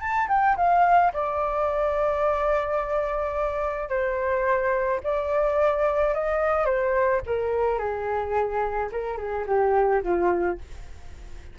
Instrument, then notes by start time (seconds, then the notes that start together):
flute
0.00 A5
0.28 G5
0.56 F5
1.13 D5
3.89 C5
5.03 D5
6.14 D#5
6.65 C5
7.26 A#4
7.79 G#4
8.92 A#4
9.17 G#4
9.47 G4
10.03 F4